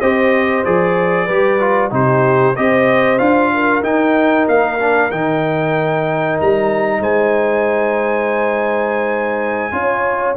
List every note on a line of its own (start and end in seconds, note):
0.00 0.65 C4
0.00 0.65 G4
0.00 1.26 C5
0.00 0.64 D#5
0.64 1.28 F3
0.64 1.28 G#4
0.64 1.92 D5
1.26 1.91 G3
1.26 1.60 G4
1.26 1.89 B4
1.60 1.90 F4
1.90 2.55 C3
1.90 2.54 D#4
1.90 2.57 G4
1.90 2.56 C5
2.56 3.20 C4
2.56 3.18 G4
2.56 3.53 C5
2.56 3.18 D#5
3.18 3.82 D4
3.18 3.82 F4
3.18 3.82 F5
3.54 7.00 A#4
3.82 4.46 D#4
3.82 4.78 D#4
3.82 4.47 G5
4.48 5.11 A#3
4.48 5.11 F5
4.79 5.11 D4
5.11 6.38 D#3
5.11 9.71 D#4
5.11 6.38 G5
6.40 7.00 G3
6.40 7.03 A#5
7.00 9.71 G#3
7.00 9.72 C5
7.00 10.37 G#5
9.71 10.36 C#4
9.71 10.35 F4
9.71 10.37 C#5